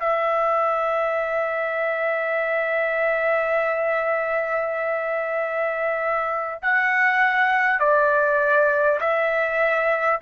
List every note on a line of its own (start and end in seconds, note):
0.00 6.60 E5
6.62 7.80 F#5
7.80 9.00 D5
9.01 10.21 E5